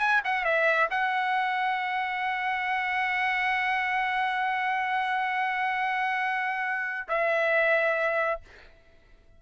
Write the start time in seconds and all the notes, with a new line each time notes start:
0.00 G#5
0.25 F#5
0.45 E5
0.91 F#5
7.09 E5